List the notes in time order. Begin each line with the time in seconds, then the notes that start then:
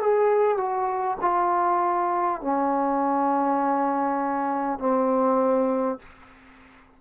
0.00 G#4
0.57 F#4
1.21 F4
2.41 C#4
4.78 C4